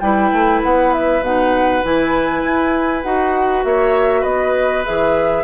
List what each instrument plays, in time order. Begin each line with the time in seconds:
0.00 bassoon G3, clarinet E4, oboe B4, flute G5
0.32 bassoon A3
0.63 bassoon B3, flute F#5
0.93 flute E5
1.21 bassoon B2, clarinet D#4, flute F#5
1.83 bassoon E3, clarinet E4, flute G#5
2.43 bassoon E4
3.03 bassoon D#4, clarinet F#4, flute F#5
3.64 bassoon A#3, oboe C#5, flute E5
4.21 bassoon B3, oboe B4, flute D#5
4.84 bassoon E3, clarinet G#4, flute E5